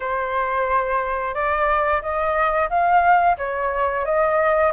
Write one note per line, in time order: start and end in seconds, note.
0.00 1.34 C5
1.34 2.01 D5
2.02 2.69 D#5
2.69 3.36 F5
3.37 4.05 C#5
4.05 4.72 D#5